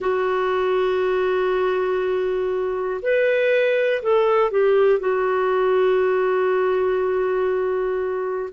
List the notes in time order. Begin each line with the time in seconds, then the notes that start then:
0.00 F#4
3.02 B4
4.02 A4
4.50 G4
4.99 F#4